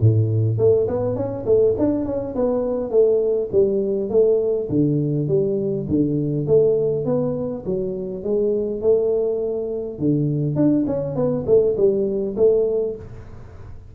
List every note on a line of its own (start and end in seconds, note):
0.00 0.58 A2
0.58 0.87 A3
0.87 1.15 B3
1.15 1.45 C#4
1.45 1.75 A3
1.78 2.05 D4
2.05 2.34 C#4
2.35 2.90 B3
2.90 3.49 A3
3.52 4.09 G3
4.09 4.68 A3
4.69 5.28 D3
5.28 5.87 G3
5.88 6.47 D3
6.47 7.05 A3
7.05 7.64 B3
7.66 8.23 F#3
8.23 8.81 G#3
8.81 9.98 A3
9.99 10.55 D3
10.55 10.85 D4
10.86 11.15 C#4
11.15 11.45 B3
11.46 11.76 A3
11.76 12.35 G3
12.36 12.95 A3